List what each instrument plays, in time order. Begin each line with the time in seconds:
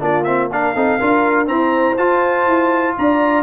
0.00 tuba A#3, trombone D4, horn F4, trumpet D5
0.24 trombone C4, trumpet E5
0.51 trombone D4, horn A#4, trumpet F5
0.75 tuba C4, trombone D#4, horn A4
0.99 tuba D4, trombone F4, horn A#4
1.46 trombone C4, tuba E4, horn C5, trumpet A#5
1.98 trombone F4, tuba F4, trumpet A5
2.47 tuba E4
2.98 tuba D4, horn D5, trumpet A#5